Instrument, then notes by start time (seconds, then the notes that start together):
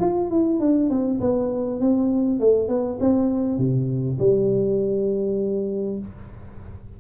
tuba
0.00 F4
0.30 E4
0.60 D4
0.90 C4
1.20 B3
1.81 C4
2.40 A3
2.68 B3
3.00 C4
3.58 C3
4.19 G3